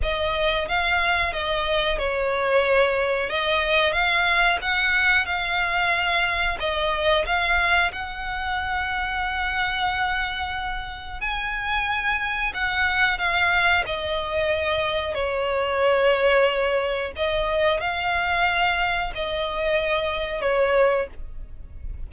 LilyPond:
\new Staff \with { instrumentName = "violin" } { \time 4/4 \tempo 4 = 91 dis''4 f''4 dis''4 cis''4~ | cis''4 dis''4 f''4 fis''4 | f''2 dis''4 f''4 | fis''1~ |
fis''4 gis''2 fis''4 | f''4 dis''2 cis''4~ | cis''2 dis''4 f''4~ | f''4 dis''2 cis''4 | }